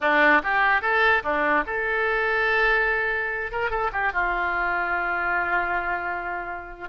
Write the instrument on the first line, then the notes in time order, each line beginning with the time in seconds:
oboe
0.01 D4
0.43 G4
0.81 A4
1.23 D4
1.66 A4
3.51 A#4
3.70 A4
3.92 G4
4.12 F4